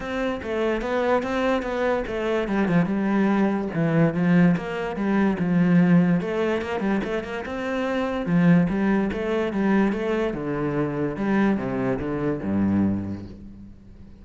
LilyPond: \new Staff \with { instrumentName = "cello" } { \time 4/4 \tempo 4 = 145 c'4 a4 b4 c'4 | b4 a4 g8 f8 g4~ | g4 e4 f4 ais4 | g4 f2 a4 |
ais8 g8 a8 ais8 c'2 | f4 g4 a4 g4 | a4 d2 g4 | c4 d4 g,2 | }